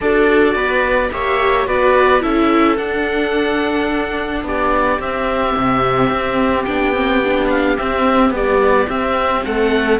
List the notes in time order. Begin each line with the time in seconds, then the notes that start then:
0.00 D4 F#4 A4 D5
0.55 B3 B4
1.11 A#3 G4 C#5 E5
1.66 B3 F#4 B4 D5
2.20 C#4 E4 A4 E5
2.77 D4 F#5
4.43 B3 G4 D5
4.99 C4 E5
5.56 C3
6.09 C4
6.64 B3 D4 G5
6.94 C4
7.24 D4
7.50 F5
7.77 C4 E5
8.30 G3 B3 D5
8.87 C4 E5
9.44 A3 A4 F#5